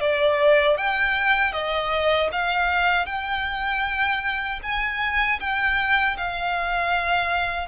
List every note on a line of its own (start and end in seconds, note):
0.00 0.77 D5
0.77 1.52 G5
1.52 2.29 D#5
2.32 3.06 F5
3.06 4.59 G5
4.63 5.40 G#5
5.40 6.17 G5
6.17 7.67 F5